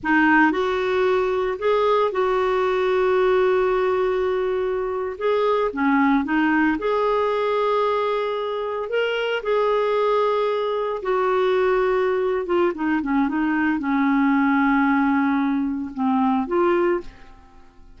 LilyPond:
\new Staff \with { instrumentName = "clarinet" } { \time 4/4 \tempo 4 = 113 dis'4 fis'2 gis'4 | fis'1~ | fis'4.~ fis'16 gis'4 cis'4 dis'16~ | dis'8. gis'2.~ gis'16~ |
gis'8. ais'4 gis'2~ gis'16~ | gis'8. fis'2~ fis'8. f'8 | dis'8 cis'8 dis'4 cis'2~ | cis'2 c'4 f'4 | }